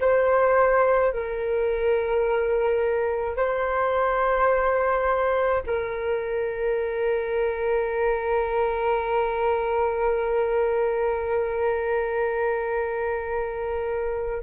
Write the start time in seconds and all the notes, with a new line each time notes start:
0.00 C5
1.12 A#4
3.36 C5
5.66 A#4